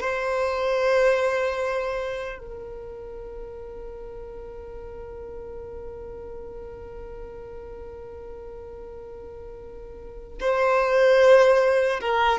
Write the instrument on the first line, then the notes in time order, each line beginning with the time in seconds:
violin
0.00 C5
2.38 A#4
10.40 C5
12.01 A#4